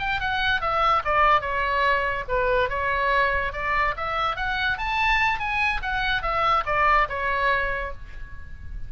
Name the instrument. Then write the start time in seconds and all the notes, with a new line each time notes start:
oboe
0.00 G5
0.20 F#5
0.61 E5
1.05 D5
1.41 C#5
2.29 B4
2.70 C#5
3.53 D5
3.97 E5
4.36 F#5
4.78 A5
5.40 G#5
5.83 F#5
6.23 E5
6.66 D5
7.09 C#5